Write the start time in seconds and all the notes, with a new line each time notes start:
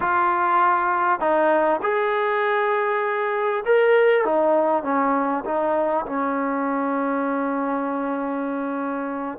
0.00 F4
1.20 D#4
1.82 G#4
3.65 A#4
4.25 D#4
4.83 C#4
5.45 D#4
6.06 C#4